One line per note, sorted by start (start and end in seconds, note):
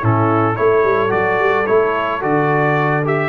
0.00 0.58 A2
0.00 0.56 C#4
0.00 0.55 E4
0.00 0.56 A4
0.56 0.84 A3
0.56 1.09 E4
0.56 3.29 A4
0.56 1.11 C#5
0.84 1.12 G3
1.09 1.39 F#3
1.09 1.64 F#4
1.09 1.67 D5
1.39 1.67 G3
1.67 2.24 A3
1.67 2.21 E4
1.67 2.22 C#5
2.21 3.29 D3
2.21 3.03 F#4
2.21 3.05 D5
3.05 3.29 G4
3.05 3.29 E5